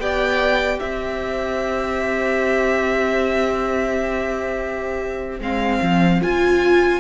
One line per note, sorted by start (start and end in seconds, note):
0.00 0.80 B3
0.00 5.41 G4
0.00 0.81 D5
0.00 0.80 G5
0.80 5.40 C4
0.80 7.01 C5
0.80 5.40 E5
5.40 5.80 G#3
5.40 6.22 C4
5.40 6.23 F5
5.82 6.22 F3
6.22 7.01 F4
6.22 7.01 G#5